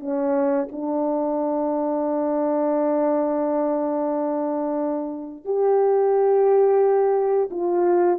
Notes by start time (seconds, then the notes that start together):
0.00 C#4
0.72 D4
5.45 G4
7.51 F4